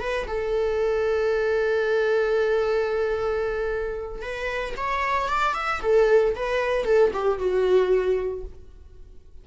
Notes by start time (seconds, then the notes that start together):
0.00 B4
0.27 A4
4.22 B4
4.77 C#5
5.29 D5
5.54 E5
5.82 A4
6.36 B4
6.85 A4
7.13 G4
7.39 F#4